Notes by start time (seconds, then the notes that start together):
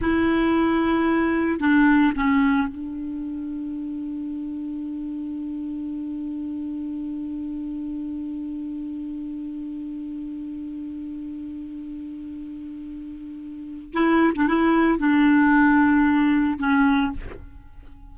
0.01 E4
1.59 D4
2.15 C#4
2.68 D4
13.93 E4
14.35 D4
14.48 E4
14.98 D4
16.59 C#4